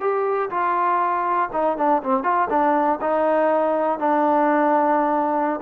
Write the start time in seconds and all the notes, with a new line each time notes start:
0.00 G4
0.50 F4
1.53 D#4
1.77 D4
2.03 C4
2.23 F4
2.50 D4
3.01 D#4
3.99 D4